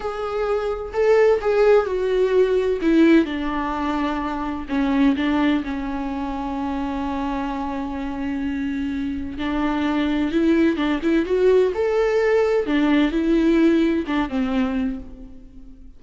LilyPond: \new Staff \with { instrumentName = "viola" } { \time 4/4 \tempo 4 = 128 gis'2 a'4 gis'4 | fis'2 e'4 d'4~ | d'2 cis'4 d'4 | cis'1~ |
cis'1 | d'2 e'4 d'8 e'8 | fis'4 a'2 d'4 | e'2 d'8 c'4. | }